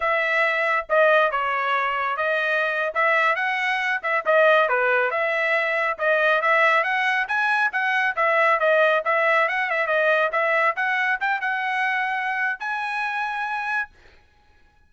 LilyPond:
\new Staff \with { instrumentName = "trumpet" } { \time 4/4 \tempo 4 = 138 e''2 dis''4 cis''4~ | cis''4 dis''4.~ dis''16 e''4 fis''16~ | fis''4~ fis''16 e''8 dis''4 b'4 e''16~ | e''4.~ e''16 dis''4 e''4 fis''16~ |
fis''8. gis''4 fis''4 e''4 dis''16~ | dis''8. e''4 fis''8 e''8 dis''4 e''16~ | e''8. fis''4 g''8 fis''4.~ fis''16~ | fis''4 gis''2. | }